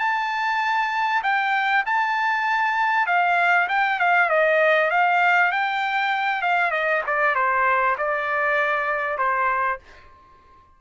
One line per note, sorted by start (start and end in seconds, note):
0.00 1.22 A5
1.24 1.85 G5
1.86 3.07 A5
3.07 3.68 F5
3.69 4.00 G5
4.00 4.30 F5
4.30 4.91 D#5
4.91 5.52 F5
5.52 6.42 G5
6.42 6.72 F5
6.72 7.02 D#5
7.07 7.36 D5
7.36 7.97 C5
7.98 9.18 D5
9.18 9.80 C5